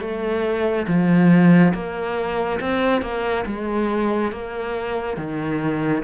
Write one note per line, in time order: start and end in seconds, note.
0.00 0.86 A3
0.87 1.73 F3
1.73 2.59 A#3
2.59 3.02 C4
3.02 3.44 A#3
3.46 4.31 G#3
4.31 5.17 A#3
5.17 6.02 D#3